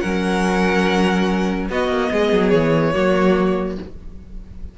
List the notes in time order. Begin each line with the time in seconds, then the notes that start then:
0.00 F#3 C#4 A#4 F#5
1.69 B3 F#4 D#5
1.88 A#3
2.11 G#3 G#4
2.32 F#3
2.49 E3 C#5
2.93 F#3 A#3 F#4